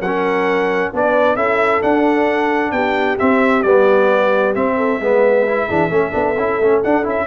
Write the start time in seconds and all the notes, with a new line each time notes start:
0.00 F#3 C#4 A#4 F#5
0.93 B3 D4 B4 D5
1.36 C#4 E4 A4 E5
1.82 D4 F#5
2.72 B3 G4 G5
3.19 C4 E5
3.62 G3 B3 D5
4.55 C4 E5
4.77 A4
5.00 G#3 B3 B4
5.48 E4
5.67 E3 D4 G#4
5.91 A3 C#4 A4
6.12 B3 D4
6.37 C#4 E4
6.60 A3 C#4
6.83 D4 F#5
7.04 C#4 E4 E5